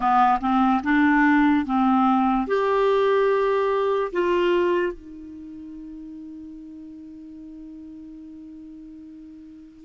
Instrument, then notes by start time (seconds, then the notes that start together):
clarinet
0.00 B3
0.40 C4
0.83 D4
1.65 C4
2.47 G4
4.12 F4
4.92 D#4